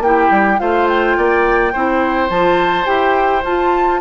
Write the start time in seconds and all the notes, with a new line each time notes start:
0.00 A#3 E4 G4 G5
0.31 G3
0.58 A3 F4 C5 F5
0.88 G5
1.18 A#3 D5
1.73 C4 E4 C5
2.30 F3 F4 A5
2.85 E4 G4 G5
3.45 F4 A5